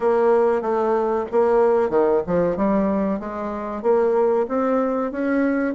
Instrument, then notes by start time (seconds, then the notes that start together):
bassoon
0.00 A#3
0.61 A3
1.31 A#3
1.89 D#3
2.27 F3
2.56 G3
3.19 G#3
3.82 A#3
4.48 C4
5.11 C#4